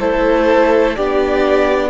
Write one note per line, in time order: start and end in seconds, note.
0.00 0.97 A3
0.00 0.97 E4
0.00 0.97 A4
0.00 0.96 C5
0.96 1.91 B3
0.96 1.91 D4
0.96 1.91 G4
0.96 1.91 D5